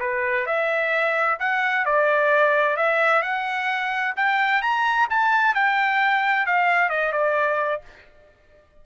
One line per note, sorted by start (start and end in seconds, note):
0.00 0.46 B4
0.46 1.39 E5
1.39 1.85 F#5
1.86 2.77 D5
2.77 3.22 E5
3.22 4.15 F#5
4.16 4.62 G5
4.62 5.08 A#5
5.10 5.55 A5
5.55 6.46 G5
6.46 6.89 F5
6.89 7.12 D#5
7.12 7.81 D5